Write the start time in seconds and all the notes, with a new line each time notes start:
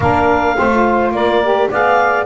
0.00 A#3 D4 A#4 F5
0.55 A3 C4 C5
0.72 F4
1.11 A#3 A#4 D5
1.42 G4
1.69 B3 G#4 D5 F5